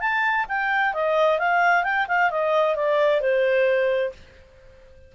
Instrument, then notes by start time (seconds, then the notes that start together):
clarinet
0.00 A5
0.49 G5
0.94 D#5
1.39 F5
1.84 G5
2.08 F5
2.31 D#5
2.76 D5
3.21 C5